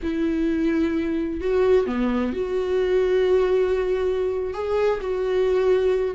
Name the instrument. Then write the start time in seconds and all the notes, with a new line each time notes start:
viola
0.02 E4
1.41 F#4
1.86 B3
2.32 F#4
4.53 G#4
5.01 F#4